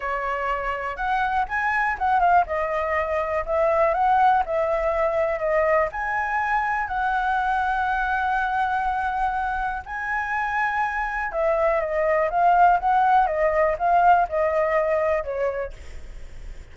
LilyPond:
\new Staff \with { instrumentName = "flute" } { \time 4/4 \tempo 4 = 122 cis''2 fis''4 gis''4 | fis''8 f''8 dis''2 e''4 | fis''4 e''2 dis''4 | gis''2 fis''2~ |
fis''1 | gis''2. e''4 | dis''4 f''4 fis''4 dis''4 | f''4 dis''2 cis''4 | }